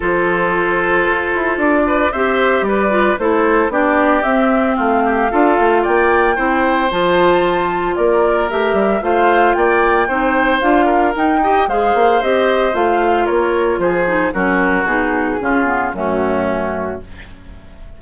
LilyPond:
<<
  \new Staff \with { instrumentName = "flute" } { \time 4/4 \tempo 4 = 113 c''2. d''4 | e''4 d''4 c''4 d''4 | e''4 f''2 g''4~ | g''4 a''2 d''4 |
e''4 f''4 g''2 | f''4 g''4 f''4 dis''4 | f''4 cis''4 c''4 ais'4 | gis'2 fis'2 | }
  \new Staff \with { instrumentName = "oboe" } { \time 4/4 a'2.~ a'8 b'8 | c''4 b'4 a'4 g'4~ | g'4 f'8 g'8 a'4 d''4 | c''2. ais'4~ |
ais'4 c''4 d''4 c''4~ | c''8 ais'4 dis''8 c''2~ | c''4 ais'4 gis'4 fis'4~ | fis'4 f'4 cis'2 | }
  \new Staff \with { instrumentName = "clarinet" } { \time 4/4 f'1 | g'4. f'8 e'4 d'4 | c'2 f'2 | e'4 f'2. |
g'4 f'2 dis'4 | f'4 dis'8 g'8 gis'4 g'4 | f'2~ f'8 dis'8 cis'4 | dis'4 cis'8 b8 a2 | }
  \new Staff \with { instrumentName = "bassoon" } { \time 4/4 f2 f'8 e'8 d'4 | c'4 g4 a4 b4 | c'4 a4 d'8 a8 ais4 | c'4 f2 ais4 |
a8 g8 a4 ais4 c'4 | d'4 dis'4 gis8 ais8 c'4 | a4 ais4 f4 fis4 | b,4 cis4 fis,2 | }
>>